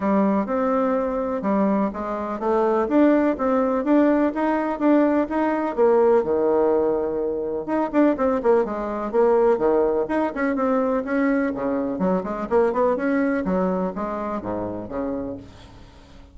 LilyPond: \new Staff \with { instrumentName = "bassoon" } { \time 4/4 \tempo 4 = 125 g4 c'2 g4 | gis4 a4 d'4 c'4 | d'4 dis'4 d'4 dis'4 | ais4 dis2. |
dis'8 d'8 c'8 ais8 gis4 ais4 | dis4 dis'8 cis'8 c'4 cis'4 | cis4 fis8 gis8 ais8 b8 cis'4 | fis4 gis4 gis,4 cis4 | }